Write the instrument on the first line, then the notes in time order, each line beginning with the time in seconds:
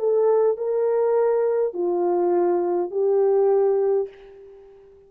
horn
0.00 A4
0.58 A#4
1.74 F4
2.91 G4